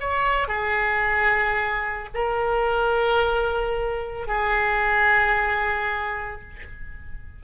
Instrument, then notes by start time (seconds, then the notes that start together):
oboe
0.00 C#5
0.48 G#4
2.14 A#4
4.27 G#4